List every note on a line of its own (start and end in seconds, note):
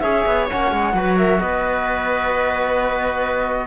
0.00 0.25 C#4
0.00 0.48 G#4
0.00 0.93 C#5
0.00 0.46 E5
0.26 0.49 B3
0.49 0.71 A#3
0.49 0.95 C#4
0.49 1.18 F#5
0.71 0.94 G#3
0.94 1.39 F#3
0.94 3.67 F#4
0.94 1.18 B4
1.18 1.41 A#4
1.18 1.40 E5
1.40 3.67 B3
1.40 3.67 B4
1.40 3.67 D#5